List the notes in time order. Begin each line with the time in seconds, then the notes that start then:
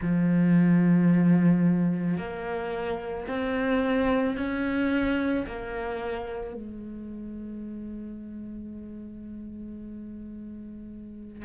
0.01 F3
2.17 A#3
3.27 C4
4.36 C#4
5.46 A#3
6.54 G#3